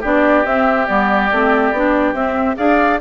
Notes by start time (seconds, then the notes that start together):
0.00 B3 D4 G4 D5
0.44 C4 E5
0.86 G3 B3 D5
1.31 A3 C4
1.71 B3 D4
2.13 C4 E5
2.56 D4 G#4 D5 F5